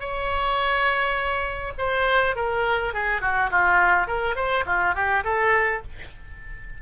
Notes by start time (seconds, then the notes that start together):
0.00 C#5
1.78 C5
2.36 A#4
2.94 G#4
3.21 F#4
3.51 F4
4.07 A#4
4.36 C5
4.66 F4
4.95 G4
5.24 A4